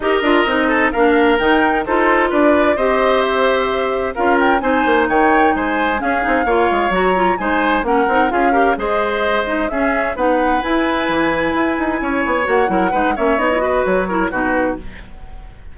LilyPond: <<
  \new Staff \with { instrumentName = "flute" } { \time 4/4 \tempo 4 = 130 dis''2 f''4 g''4 | c''4 d''4 dis''4 e''4~ | e''4 f''8 g''8 gis''4 g''4 | gis''4 f''2 ais''4 |
gis''4 fis''4 f''4 dis''4~ | dis''4 e''4 fis''4 gis''4~ | gis''2. fis''4~ | fis''8 e''8 dis''4 cis''4 b'4 | }
  \new Staff \with { instrumentName = "oboe" } { \time 4/4 ais'4. a'8 ais'2 | a'4 b'4 c''2~ | c''4 ais'4 c''4 cis''4 | c''4 gis'4 cis''2 |
c''4 ais'4 gis'8 ais'8 c''4~ | c''4 gis'4 b'2~ | b'2 cis''4. ais'8 | b'8 cis''4 b'4 ais'8 fis'4 | }
  \new Staff \with { instrumentName = "clarinet" } { \time 4/4 g'8 f'8 dis'4 d'4 dis'4 | f'2 g'2~ | g'4 f'4 dis'2~ | dis'4 cis'8 dis'8 f'4 fis'8 f'8 |
dis'4 cis'8 dis'8 f'8 g'8 gis'4~ | gis'8 dis'8 cis'4 dis'4 e'4~ | e'2. fis'8 e'8 | dis'8 cis'8 dis'16 e'16 fis'4 e'8 dis'4 | }
  \new Staff \with { instrumentName = "bassoon" } { \time 4/4 dis'8 d'8 c'4 ais4 dis4 | dis'4 d'4 c'2~ | c'4 cis'4 c'8 ais8 dis4 | gis4 cis'8 c'8 ais8 gis8 fis4 |
gis4 ais8 c'8 cis'4 gis4~ | gis4 cis'4 b4 e'4 | e4 e'8 dis'8 cis'8 b8 ais8 fis8 | gis8 ais8 b4 fis4 b,4 | }
>>